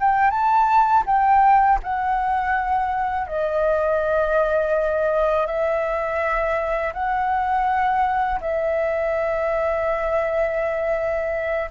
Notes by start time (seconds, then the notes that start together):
0.00 G5
0.31 A5
1.06 G5
1.83 F#5
3.27 D#5
5.47 E5
6.93 F#5
8.41 E5